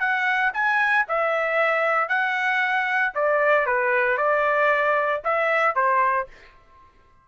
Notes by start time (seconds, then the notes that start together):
0.00 F#5
0.54 G#5
1.09 E5
2.09 F#5
3.15 D5
3.66 B4
4.18 D5
5.25 E5
5.76 C5